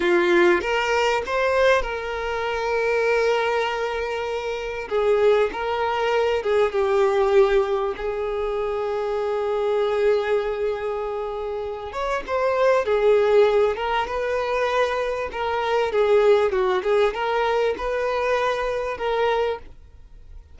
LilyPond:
\new Staff \with { instrumentName = "violin" } { \time 4/4 \tempo 4 = 98 f'4 ais'4 c''4 ais'4~ | ais'1 | gis'4 ais'4. gis'8 g'4~ | g'4 gis'2.~ |
gis'2.~ gis'8 cis''8 | c''4 gis'4. ais'8 b'4~ | b'4 ais'4 gis'4 fis'8 gis'8 | ais'4 b'2 ais'4 | }